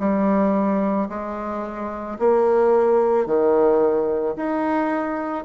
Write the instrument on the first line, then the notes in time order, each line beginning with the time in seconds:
bassoon
0.00 G3
1.09 G#3
2.19 A#3
3.27 D#3
4.36 D#4